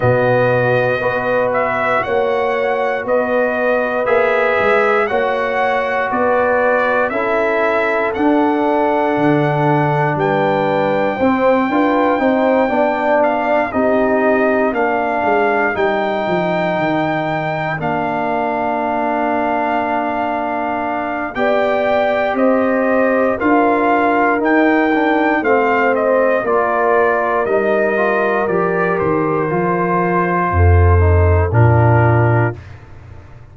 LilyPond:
<<
  \new Staff \with { instrumentName = "trumpet" } { \time 4/4 \tempo 4 = 59 dis''4. e''8 fis''4 dis''4 | e''4 fis''4 d''4 e''4 | fis''2 g''2~ | g''4 f''8 dis''4 f''4 g''8~ |
g''4. f''2~ f''8~ | f''4 g''4 dis''4 f''4 | g''4 f''8 dis''8 d''4 dis''4 | d''8 c''2~ c''8 ais'4 | }
  \new Staff \with { instrumentName = "horn" } { \time 4/4 fis'4 b'4 cis''4 b'4~ | b'4 cis''4 b'4 a'4~ | a'2 b'4 c''8 b'8 | c''8 d''4 g'4 ais'4.~ |
ais'1~ | ais'4 d''4 c''4 ais'4~ | ais'4 c''4 ais'2~ | ais'2 a'4 f'4 | }
  \new Staff \with { instrumentName = "trombone" } { \time 4/4 b4 fis'2. | gis'4 fis'2 e'4 | d'2. c'8 f'8 | dis'8 d'4 dis'4 d'4 dis'8~ |
dis'4. d'2~ d'8~ | d'4 g'2 f'4 | dis'8 d'8 c'4 f'4 dis'8 f'8 | g'4 f'4. dis'8 d'4 | }
  \new Staff \with { instrumentName = "tuba" } { \time 4/4 b,4 b4 ais4 b4 | ais8 gis8 ais4 b4 cis'4 | d'4 d4 g4 c'8 d'8 | c'8 b4 c'4 ais8 gis8 g8 |
f8 dis4 ais2~ ais8~ | ais4 b4 c'4 d'4 | dis'4 a4 ais4 g4 | f8 dis8 f4 f,4 ais,4 | }
>>